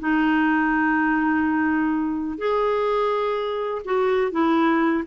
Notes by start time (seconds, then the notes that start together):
0.00 D#4
2.38 G#4
3.85 F#4
4.32 E4